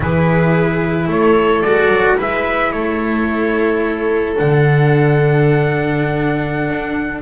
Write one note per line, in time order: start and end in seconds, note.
0.00 1.07 E3
0.00 1.63 E4
0.00 1.09 G#4
0.00 1.10 B4
1.07 1.62 A3
1.07 2.17 A4
1.07 1.61 C#5
1.61 1.88 G#3
1.61 2.17 F#4
1.61 2.16 D5
1.88 2.15 F#3
2.17 2.72 G#3
2.17 4.35 E4
2.17 2.72 B4
2.17 2.71 E5
2.71 4.36 A3
2.71 7.21 A4
2.71 4.35 C#5
4.36 6.69 D3
4.36 7.21 D4
4.36 7.21 F#5
6.69 7.21 D4